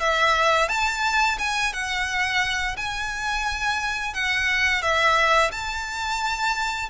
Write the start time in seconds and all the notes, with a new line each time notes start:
0.00 E5
0.69 A5
1.39 G#5
1.73 F#5
2.77 G#5
4.14 F#5
4.82 E5
5.51 A5